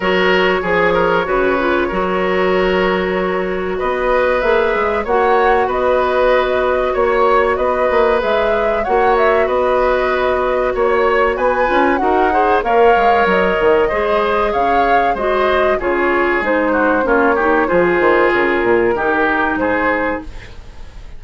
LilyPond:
<<
  \new Staff \with { instrumentName = "flute" } { \time 4/4 \tempo 4 = 95 cis''1~ | cis''2 dis''4 e''4 | fis''4 dis''2 cis''4 | dis''4 e''4 fis''8 e''8 dis''4~ |
dis''4 cis''4 gis''4 fis''4 | f''4 dis''2 f''4 | dis''4 cis''4 c''4 cis''4 | c''4 ais'2 c''4 | }
  \new Staff \with { instrumentName = "oboe" } { \time 4/4 ais'4 gis'8 ais'8 b'4 ais'4~ | ais'2 b'2 | cis''4 b'2 cis''4 | b'2 cis''4 b'4~ |
b'4 cis''4 b'4 ais'8 c''8 | cis''2 c''4 cis''4 | c''4 gis'4. fis'8 f'8 g'8 | gis'2 g'4 gis'4 | }
  \new Staff \with { instrumentName = "clarinet" } { \time 4/4 fis'4 gis'4 fis'8 f'8 fis'4~ | fis'2. gis'4 | fis'1~ | fis'4 gis'4 fis'2~ |
fis'2~ fis'8 f'8 fis'8 gis'8 | ais'2 gis'2 | fis'4 f'4 dis'4 cis'8 dis'8 | f'2 dis'2 | }
  \new Staff \with { instrumentName = "bassoon" } { \time 4/4 fis4 f4 cis4 fis4~ | fis2 b4 ais8 gis8 | ais4 b2 ais4 | b8 ais8 gis4 ais4 b4~ |
b4 ais4 b8 cis'8 dis'4 | ais8 gis8 fis8 dis8 gis4 cis4 | gis4 cis4 gis4 ais4 | f8 dis8 cis8 ais,8 dis4 gis,4 | }
>>